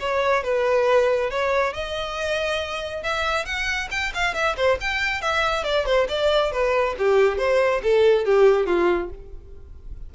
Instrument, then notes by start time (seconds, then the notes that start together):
violin
0.00 C#5
0.44 B4
1.30 C#5
1.74 D#5
3.03 E5
3.45 F#5
3.91 G5
4.14 F5
4.34 E5
4.57 C5
4.81 G5
5.22 E5
5.64 D5
5.86 C5
6.09 D5
6.52 B4
6.98 G4
7.38 C5
7.83 A4
8.25 G4
8.66 F4